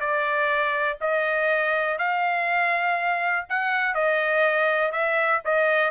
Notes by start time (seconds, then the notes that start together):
0.00 D5
1.01 D#5
1.98 F5
3.49 F#5
3.94 D#5
4.92 E5
5.45 D#5